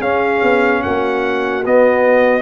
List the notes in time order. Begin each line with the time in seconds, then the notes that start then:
0.00 C#4 G#4 F5
0.43 B3
0.82 A#3 F#4 F#5
1.65 B3 D#5